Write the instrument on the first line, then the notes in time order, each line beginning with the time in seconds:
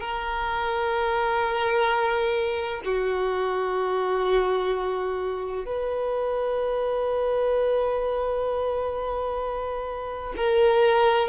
violin
0.00 A#4
2.85 F#4
5.65 B4
10.36 A#4